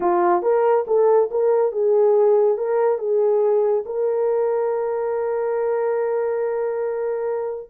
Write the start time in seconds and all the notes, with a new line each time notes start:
0.00 F4
0.42 A#4
0.87 A4
1.30 A#4
1.72 G#4
2.57 A#4
2.98 G#4
3.85 A#4